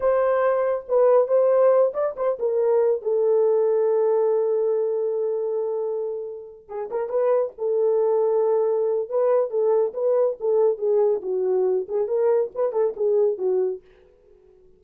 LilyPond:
\new Staff \with { instrumentName = "horn" } { \time 4/4 \tempo 4 = 139 c''2 b'4 c''4~ | c''8 d''8 c''8 ais'4. a'4~ | a'1~ | a'2.~ a'8 gis'8 |
ais'8 b'4 a'2~ a'8~ | a'4 b'4 a'4 b'4 | a'4 gis'4 fis'4. gis'8 | ais'4 b'8 a'8 gis'4 fis'4 | }